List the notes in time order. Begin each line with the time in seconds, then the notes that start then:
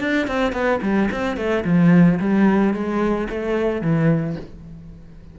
0.00 D4
0.28 C4
0.53 B3
0.82 G3
1.12 C4
1.37 A3
1.65 F3
2.20 G3
2.74 G#3
3.30 A3
3.82 E3